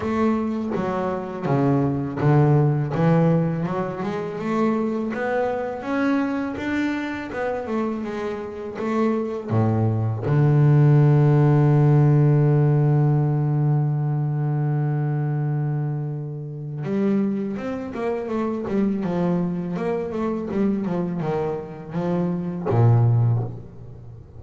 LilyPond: \new Staff \with { instrumentName = "double bass" } { \time 4/4 \tempo 4 = 82 a4 fis4 cis4 d4 | e4 fis8 gis8 a4 b4 | cis'4 d'4 b8 a8 gis4 | a4 a,4 d2~ |
d1~ | d2. g4 | c'8 ais8 a8 g8 f4 ais8 a8 | g8 f8 dis4 f4 ais,4 | }